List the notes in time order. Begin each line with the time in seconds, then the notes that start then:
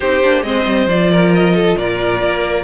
0.00 C4 D#4 G4 C5
0.23 A#3 D4
0.42 G#3 C4 C5 D#5
0.65 G3
0.86 F3 F4 D5
1.11 A#4
1.34 D#5
1.54 A4
1.77 A#2 A#4 D5
2.22 A#3